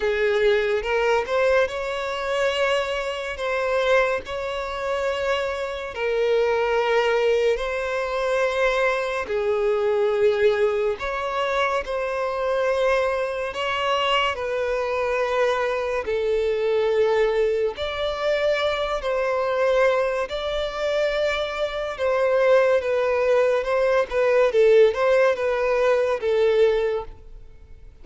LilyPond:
\new Staff \with { instrumentName = "violin" } { \time 4/4 \tempo 4 = 71 gis'4 ais'8 c''8 cis''2 | c''4 cis''2 ais'4~ | ais'4 c''2 gis'4~ | gis'4 cis''4 c''2 |
cis''4 b'2 a'4~ | a'4 d''4. c''4. | d''2 c''4 b'4 | c''8 b'8 a'8 c''8 b'4 a'4 | }